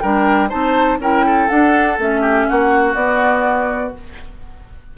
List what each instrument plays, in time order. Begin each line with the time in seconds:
0.00 bassoon G3, clarinet D4, oboe A#4, flute G5
0.49 bassoon C4, clarinet D#4, oboe C5, flute A5
0.99 bassoon C#4, clarinet E4, oboe A#4, flute G5
1.26 oboe A4
1.49 clarinet D4, bassoon D4, flute F#5
1.98 bassoon A3, clarinet C#4, flute E5
2.21 oboe G4
2.49 bassoon A#3, oboe F#4, flute F#5
2.95 bassoon B3, clarinet B3, flute D5